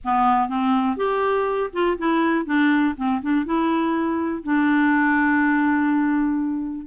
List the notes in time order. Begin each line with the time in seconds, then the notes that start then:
0.04 B3
0.49 C4
0.96 G4
1.73 F4
1.98 E4
2.45 D4
2.96 C4
3.22 D4
3.45 E4
4.43 D4